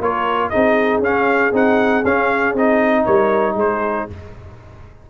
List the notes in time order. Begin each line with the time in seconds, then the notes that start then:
0.00 A#3 F4 A#4 C#5
0.50 C4 D#4 G#4 D#5
0.99 C#4 F5
1.53 C4 D#4 F#5
2.04 C#4 F5
2.54 C4 D#4 D#5
3.05 G3 A#4 C#5
3.54 G#3 G#4 C5